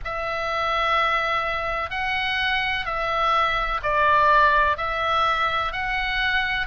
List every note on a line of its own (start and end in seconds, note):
0.04 1.90 E5
1.90 2.85 F#5
2.85 3.81 E5
3.82 4.77 D5
4.77 5.72 E5
5.72 6.67 F#5